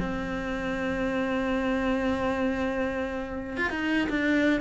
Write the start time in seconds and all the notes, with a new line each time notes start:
0.00 C4
3.58 F4
3.70 D#4
4.10 D4